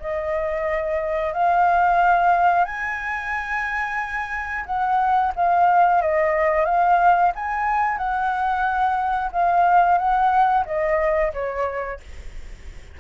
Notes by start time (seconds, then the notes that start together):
0.00 D#5
1.34 F5
2.65 G#5
4.66 F#5
5.36 F5
6.02 D#5
6.65 F5
7.35 G#5
7.98 F#5
9.32 F5
9.98 F#5
10.66 D#5
11.34 C#5